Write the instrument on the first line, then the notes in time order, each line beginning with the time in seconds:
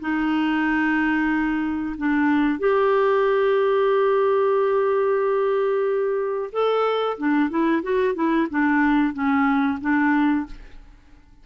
clarinet
0.00 D#4
1.97 D4
2.59 G4
6.52 A4
7.17 D4
7.49 E4
7.82 F#4
8.14 E4
8.50 D4
9.13 C#4
9.81 D4